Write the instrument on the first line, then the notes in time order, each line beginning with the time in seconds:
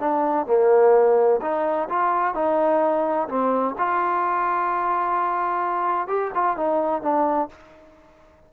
trombone
0.00 D4
0.47 A#3
1.42 D#4
1.90 F4
2.35 D#4
3.29 C4
3.78 F4
6.08 G4
6.35 F4
6.57 D#4
7.02 D4